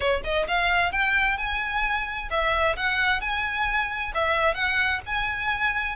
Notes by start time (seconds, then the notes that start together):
0.00 C#5
0.24 D#5
0.47 F5
0.92 G5
1.37 G#5
2.30 E5
2.76 F#5
3.20 G#5
4.14 E5
4.54 F#5
5.05 G#5